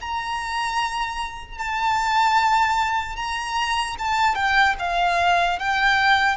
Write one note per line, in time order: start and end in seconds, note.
0.00 1.58 A#5
1.58 3.16 A5
3.16 3.96 A#5
3.98 4.35 A5
4.35 4.75 G5
4.79 5.59 F5
5.59 6.36 G5